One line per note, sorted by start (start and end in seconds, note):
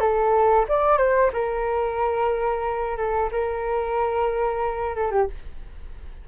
0.00 0.66 A4
0.68 0.98 D5
0.98 1.31 C5
1.33 2.97 A#4
2.97 3.30 A4
3.31 4.95 A#4
4.95 5.11 A4
5.11 5.28 G4